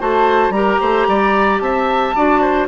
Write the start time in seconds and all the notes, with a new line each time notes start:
0.00 A3 F#4 C5 A5
0.50 G3 G4 A#4 A#5
0.81 A3 C5
1.08 G3 D5
1.60 C4 E5 A5
2.15 D4 F#4 D5
2.41 C5